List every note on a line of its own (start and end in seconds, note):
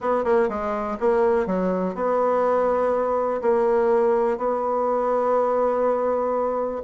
0.00 0.24 B3
0.24 0.48 A#3
0.49 0.97 G#3
1.00 1.46 A#3
1.46 1.94 F#3
1.94 3.41 B3
3.41 4.37 A#3
4.37 6.81 B3